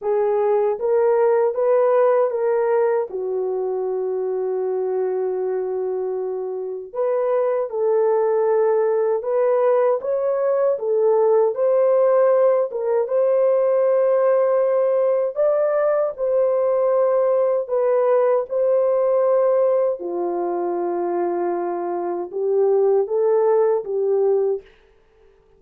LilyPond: \new Staff \with { instrumentName = "horn" } { \time 4/4 \tempo 4 = 78 gis'4 ais'4 b'4 ais'4 | fis'1~ | fis'4 b'4 a'2 | b'4 cis''4 a'4 c''4~ |
c''8 ais'8 c''2. | d''4 c''2 b'4 | c''2 f'2~ | f'4 g'4 a'4 g'4 | }